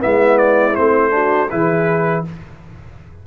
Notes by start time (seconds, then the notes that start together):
0.00 G#3 B3 E4 E5
0.38 D5
0.75 A3 C4 C5
1.11 D4 F#4
1.50 E3 E4 G#4 B4